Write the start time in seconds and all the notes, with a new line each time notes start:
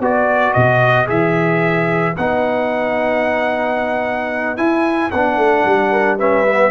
0.00 B3 F#4 B4 D5
0.53 B2 D#5
1.07 E3 G#4 E5
2.17 B3 D#4 F#5
4.57 E4 G#5
5.11 B3 D4 F#5
5.37 A3
5.65 G3
5.91 A#4
6.19 C#4 B4 E5
6.47 B3